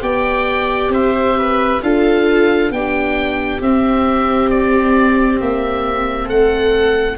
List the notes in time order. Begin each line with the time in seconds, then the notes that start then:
0.00 B3 G4 D5 G5
0.88 C4 C5 E5
1.37 B4
1.82 D4 F4 A4 F5
2.70 B3 D4 G4 G5
3.60 C4 E5
4.50 D5
5.40 A#3 E5
6.25 A3 A4 F#5